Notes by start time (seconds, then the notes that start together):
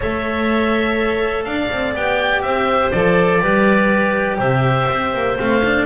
0.00 A3 A4 C#5 E5
1.44 D4 D5 F5
1.70 C4
1.94 B3 G4 G5
2.42 C4 C5 E5
2.91 F3 A4 D5
3.41 G3 G4 B4
4.37 C3 C5 E5
4.89 C4
5.13 A#3
5.37 A3 C4 F5
5.65 D4